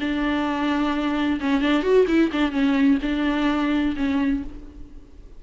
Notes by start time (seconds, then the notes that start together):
0.00 D4
1.40 C#4
1.61 D4
1.83 F#4
2.07 E4
2.32 D4
2.51 C#4
3.02 D4
3.96 C#4